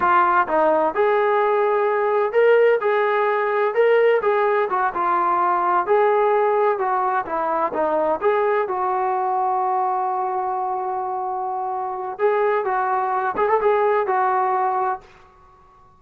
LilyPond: \new Staff \with { instrumentName = "trombone" } { \time 4/4 \tempo 4 = 128 f'4 dis'4 gis'2~ | gis'4 ais'4 gis'2 | ais'4 gis'4 fis'8 f'4.~ | f'8 gis'2 fis'4 e'8~ |
e'8 dis'4 gis'4 fis'4.~ | fis'1~ | fis'2 gis'4 fis'4~ | fis'8 gis'16 a'16 gis'4 fis'2 | }